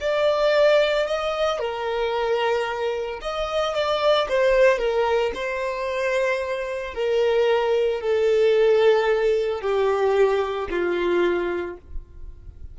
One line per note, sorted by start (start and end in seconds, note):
0.00 1.07 D5
1.07 1.59 D#5
1.59 3.19 A#4
3.21 3.74 D#5
3.74 4.28 D5
4.29 4.78 C5
4.78 5.31 A#4
5.34 6.94 C5
6.94 8.01 A#4
8.01 9.61 A4
9.61 10.68 G4
10.69 11.77 F4